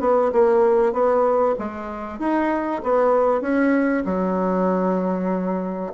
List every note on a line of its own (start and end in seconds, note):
0.00 0.31 B3
0.32 0.92 A#3
0.92 1.55 B3
1.59 2.19 G#3
2.19 2.82 D#4
2.83 3.41 B3
3.41 4.03 C#4
4.05 5.93 F#3